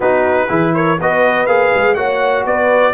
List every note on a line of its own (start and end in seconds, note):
0.00 0.47 B3
0.00 0.48 D#4
0.00 0.47 F#4
0.00 0.74 B4
0.48 0.99 E3
0.48 0.97 E4
0.48 0.73 G#4
0.74 0.99 A#4
0.74 0.99 C#5
0.99 1.46 B3
0.99 1.47 F#4
0.99 1.96 B4
0.99 1.46 D#5
1.46 1.71 A#3
1.46 1.96 G#4
1.46 1.94 F5
1.74 1.96 G#3
1.94 2.45 A#3
1.94 2.94 F#4
1.94 2.45 C#5
1.94 2.43 F#5
2.45 2.94 B3
2.45 2.94 B4
2.45 2.94 D5